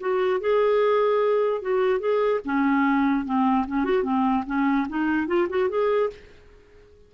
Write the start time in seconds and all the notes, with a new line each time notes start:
0.00 F#4
0.40 G#4
1.62 F#4
2.00 G#4
2.45 C#4
3.25 C4
3.67 C#4
3.84 F#4
4.04 C4
4.46 C#4
4.89 D#4
5.27 F4
5.49 F#4
5.69 G#4